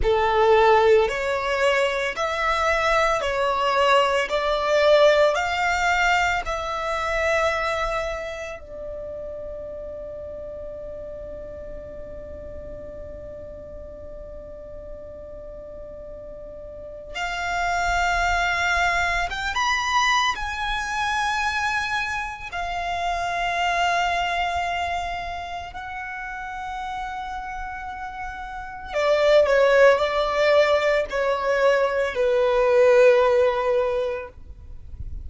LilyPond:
\new Staff \with { instrumentName = "violin" } { \time 4/4 \tempo 4 = 56 a'4 cis''4 e''4 cis''4 | d''4 f''4 e''2 | d''1~ | d''1 |
f''2 g''16 b''8. gis''4~ | gis''4 f''2. | fis''2. d''8 cis''8 | d''4 cis''4 b'2 | }